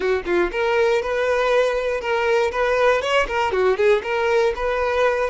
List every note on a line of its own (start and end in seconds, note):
0.00 0.23 F#4
0.25 0.50 F4
0.51 1.02 A#4
1.02 2.00 B4
2.00 2.51 A#4
2.51 3.01 B4
3.01 3.27 C#5
3.27 3.52 A#4
3.52 3.76 F#4
3.76 4.02 G#4
4.03 4.53 A#4
4.55 5.30 B4